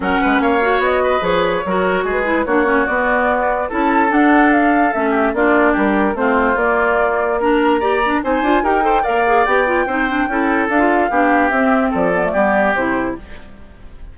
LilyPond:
<<
  \new Staff \with { instrumentName = "flute" } { \time 4/4 \tempo 4 = 146 fis''4 f''4 dis''4 cis''4~ | cis''4 b'4 cis''4 d''4~ | d''4 a''4 fis''4 f''4 | e''4 d''4 ais'4 c''4 |
d''2 ais''2 | gis''4 g''4 f''4 g''4~ | g''2 f''2 | e''4 d''2 c''4 | }
  \new Staff \with { instrumentName = "oboe" } { \time 4/4 ais'8 b'8 cis''4. b'4. | ais'4 gis'4 fis'2~ | fis'4 a'2.~ | a'8 g'8 f'4 g'4 f'4~ |
f'2 ais'4 d''4 | c''4 ais'8 c''8 d''2 | c''4 a'2 g'4~ | g'4 a'4 g'2 | }
  \new Staff \with { instrumentName = "clarinet" } { \time 4/4 cis'4. fis'4. gis'4 | fis'4. e'8 d'8 cis'8 b4~ | b4 e'4 d'2 | cis'4 d'2 c'4 |
ais2 d'4 g'8 d'8 | dis'8 f'8 g'8 a'8 ais'8 gis'8 g'8 f'8 | dis'8 d'8 e'4 d'16 f'8. d'4 | c'4. b16 a16 b4 e'4 | }
  \new Staff \with { instrumentName = "bassoon" } { \time 4/4 fis8 gis8 ais4 b4 f4 | fis4 gis4 ais4 b4~ | b4 cis'4 d'2 | a4 ais4 g4 a4 |
ais1 | c'8 d'8 dis'4 ais4 b4 | c'4 cis'4 d'4 b4 | c'4 f4 g4 c4 | }
>>